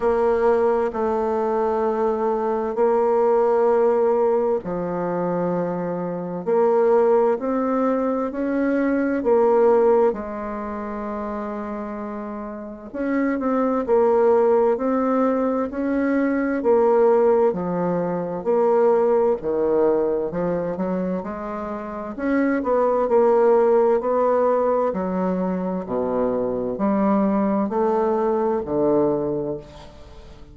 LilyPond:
\new Staff \with { instrumentName = "bassoon" } { \time 4/4 \tempo 4 = 65 ais4 a2 ais4~ | ais4 f2 ais4 | c'4 cis'4 ais4 gis4~ | gis2 cis'8 c'8 ais4 |
c'4 cis'4 ais4 f4 | ais4 dis4 f8 fis8 gis4 | cis'8 b8 ais4 b4 fis4 | b,4 g4 a4 d4 | }